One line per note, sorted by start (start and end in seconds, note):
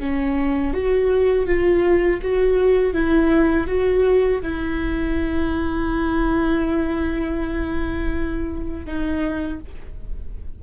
0.00 0.74 C#4
0.74 1.47 F#4
1.47 2.21 F4
2.23 2.94 F#4
2.94 3.68 E4
3.68 4.42 F#4
4.43 8.86 E4
8.86 9.60 D#4